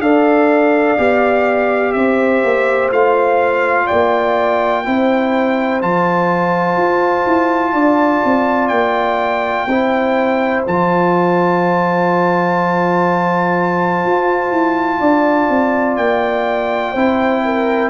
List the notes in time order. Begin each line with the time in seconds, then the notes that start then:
0.00 D4 A4 D5 F5
0.97 B3 G4
1.92 C4 C5 E5
2.44 A#3
2.91 A3 F4 F5
3.86 A#3 D5 G5
4.84 C4 E4 C5
5.81 F3 F4 A5
6.77 F4
7.26 E4
7.73 D4 D5
8.25 C4
8.68 A#3 G5
9.67 C4 E4 C5
10.67 F3 F4 A5
14.05 F4
14.51 E4
15.00 D4 D5
15.50 C4
15.97 A#3 G5
16.92 C4 E4 C5
17.45 A#4